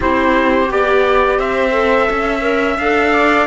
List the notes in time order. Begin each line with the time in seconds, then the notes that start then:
0.00 C4 E4 G4 C5
0.68 B3 G4 D5
1.38 C4 C5 E5
1.70 A4
2.09 C#4 E5
2.40 A#4
2.77 D4 A4 F5
3.13 D5